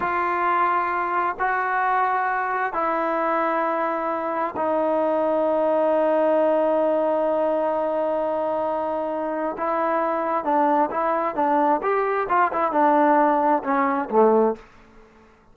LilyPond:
\new Staff \with { instrumentName = "trombone" } { \time 4/4 \tempo 4 = 132 f'2. fis'4~ | fis'2 e'2~ | e'2 dis'2~ | dis'1~ |
dis'1~ | dis'4 e'2 d'4 | e'4 d'4 g'4 f'8 e'8 | d'2 cis'4 a4 | }